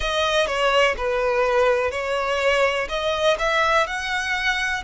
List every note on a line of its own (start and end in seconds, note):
0.00 0.46 D#5
0.46 0.95 C#5
0.97 1.91 B4
1.91 2.88 C#5
2.88 3.37 D#5
3.38 3.86 E5
3.86 4.83 F#5